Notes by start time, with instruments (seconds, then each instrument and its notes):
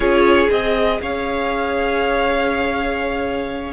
0.00 cello C#4, viola F4, violin G#4 C#5
0.50 cello C4, viola G#4, violin D#5
1.01 cello C#4, violin C#5 F5